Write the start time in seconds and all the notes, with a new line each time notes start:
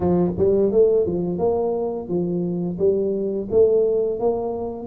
0.00 F3
0.38 G3
0.71 A3
1.06 F3
1.38 A#3
2.08 F3
2.78 G3
3.51 A3
4.19 A#3